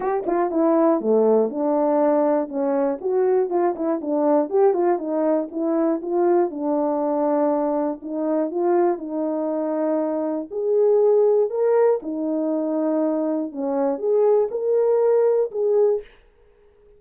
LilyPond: \new Staff \with { instrumentName = "horn" } { \time 4/4 \tempo 4 = 120 g'8 f'8 e'4 a4 d'4~ | d'4 cis'4 fis'4 f'8 e'8 | d'4 g'8 f'8 dis'4 e'4 | f'4 d'2. |
dis'4 f'4 dis'2~ | dis'4 gis'2 ais'4 | dis'2. cis'4 | gis'4 ais'2 gis'4 | }